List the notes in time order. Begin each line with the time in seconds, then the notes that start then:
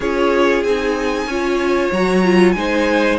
0.00 C#4 F4 G#4 C#5
0.63 C4 D#4 G#5
1.26 C#4 F4 C#5
1.91 F#3 F#4 A#5
2.23 F4
2.52 G#3 D#4 C5 G#5